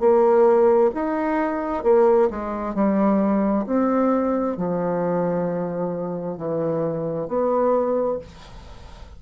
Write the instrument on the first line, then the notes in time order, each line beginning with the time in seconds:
bassoon
0.00 A#3
0.94 D#4
1.84 A#3
2.30 G#3
2.75 G3
3.66 C4
4.57 F3
6.38 E3
7.28 B3